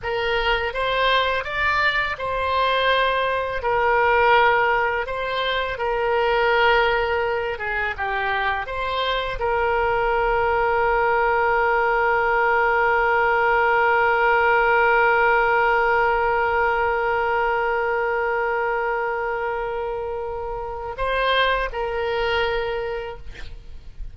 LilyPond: \new Staff \with { instrumentName = "oboe" } { \time 4/4 \tempo 4 = 83 ais'4 c''4 d''4 c''4~ | c''4 ais'2 c''4 | ais'2~ ais'8 gis'8 g'4 | c''4 ais'2.~ |
ais'1~ | ais'1~ | ais'1~ | ais'4 c''4 ais'2 | }